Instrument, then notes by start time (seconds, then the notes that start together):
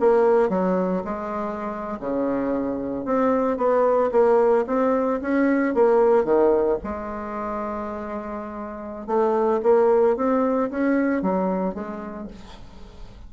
bassoon
0.00 A#3
0.49 F#3
1.04 G#3
2.00 C#3
3.05 C4
3.57 B3
4.12 A#3
4.67 C4
5.22 C#4
5.74 A#3
6.24 D#3
6.84 G#3
9.07 A3
9.63 A#3
10.16 C4
10.70 C#4
11.22 F#3
11.74 G#3